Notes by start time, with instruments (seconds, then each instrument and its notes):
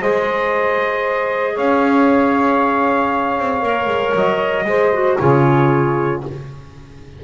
0.00 double bass G#3, clarinet G#4, saxophone C5, trumpet D#5
1.54 double bass C#4, saxophone C#5, trumpet F5
3.38 double bass C4
3.62 double bass A#3, clarinet A#4
3.87 double bass G#3
4.15 double bass F#3, trumpet D#5
4.65 double bass G#3, clarinet G#4, saxophone C5
4.94 clarinet F#4
5.18 double bass C#3, clarinet F4, saxophone G#4, trumpet C#5